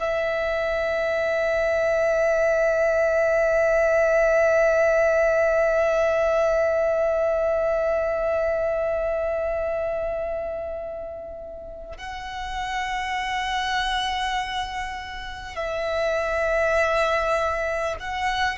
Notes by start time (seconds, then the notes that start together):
0.00 E5
11.98 F#5
15.56 E5
18.00 F#5